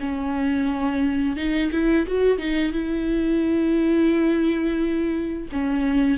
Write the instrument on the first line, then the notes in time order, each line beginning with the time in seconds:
viola
0.00 C#4
1.36 D#4
1.71 E4
2.07 F#4
2.38 D#4
2.73 E4
5.52 C#4